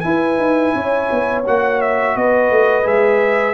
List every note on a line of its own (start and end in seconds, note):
0.00 1.45 E4
0.00 0.38 E4
0.00 1.41 G#5
0.06 0.75 B4
0.38 0.73 D#4
0.75 1.10 C#4
0.75 2.16 C#5
1.11 1.47 B3
1.47 2.16 A#3
1.47 2.83 F#4
1.47 1.81 F#5
1.81 2.17 E5
2.16 2.50 B3
2.16 3.54 B4
2.16 2.87 D#5
2.50 2.86 A3
2.83 3.54 G#3
2.83 3.54 G#4
2.83 3.54 E5